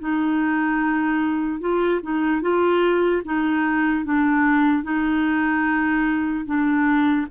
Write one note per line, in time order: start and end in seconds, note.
0.00 1.61 D#4
1.61 2.01 F4
2.03 2.42 D#4
2.42 3.23 F4
3.25 4.05 D#4
4.05 4.83 D4
4.83 6.45 D#4
6.46 7.27 D4